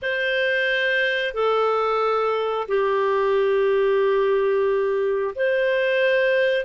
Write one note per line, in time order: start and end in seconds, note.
0.02 1.34 C5
1.34 2.67 A4
2.68 5.34 G4
5.35 6.65 C5